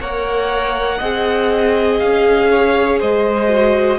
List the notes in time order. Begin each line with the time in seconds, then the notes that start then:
0.00 A#3 A#4 C#5 F#5
0.99 C4 G#4 D#5
1.99 C#4 F5
2.51 C#5
3.00 G#3 C5 D#5
3.48 F#4